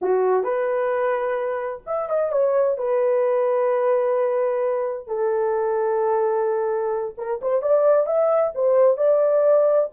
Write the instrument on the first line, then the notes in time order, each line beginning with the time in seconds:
horn
0.01 F#4
0.43 B4
1.86 E5
2.09 D#5
2.31 C#5
2.77 B4
5.07 A4
7.17 A#4
7.41 C5
7.62 D5
8.06 E5
8.54 C5
8.97 D5